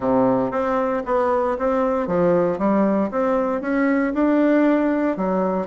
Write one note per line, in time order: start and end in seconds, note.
0.00 0.51 C3
0.51 1.03 C4
1.05 1.57 B3
1.58 2.07 C4
2.07 2.58 F3
2.58 3.10 G3
3.10 3.61 C4
3.61 4.13 C#4
4.14 5.17 D4
5.17 5.67 F#3